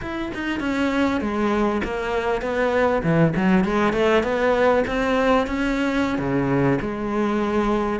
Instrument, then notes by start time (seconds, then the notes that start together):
cello
0.01 E4
0.34 D#4
0.60 C#4
1.21 G#3
1.83 A#3
2.41 B3
3.03 E3
3.36 F#3
3.64 G#3
3.92 A3
4.23 B3
4.87 C4
5.47 C#4
6.18 C#3
6.81 G#3